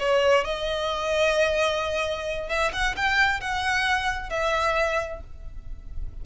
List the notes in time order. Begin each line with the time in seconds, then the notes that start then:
0.00 C#5
0.45 D#5
2.49 E5
2.73 F#5
2.97 G5
3.41 F#5
4.30 E5